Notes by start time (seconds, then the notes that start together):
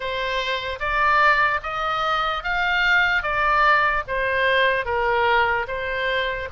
0.00 C5
0.79 D5
1.62 D#5
2.43 F5
3.22 D5
4.07 C5
4.85 A#4
5.67 C5